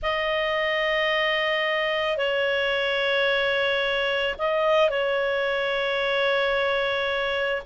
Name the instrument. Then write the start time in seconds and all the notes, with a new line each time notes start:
clarinet
0.02 D#5
2.17 C#5
4.38 D#5
4.89 C#5